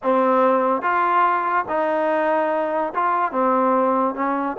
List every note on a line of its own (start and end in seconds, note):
0.02 0.81 C4
0.81 1.65 F4
1.68 2.93 D#4
2.94 3.31 F4
3.31 4.14 C4
4.14 4.56 C#4